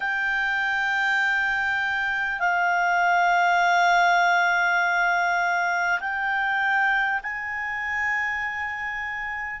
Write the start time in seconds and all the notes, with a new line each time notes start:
0.00 G5
2.39 F5
6.00 G5
7.22 G#5